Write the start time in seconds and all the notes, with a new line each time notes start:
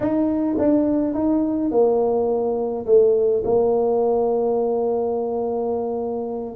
0.00 D#4
0.58 D4
1.14 D#4
1.71 A#3
2.86 A3
3.44 A#3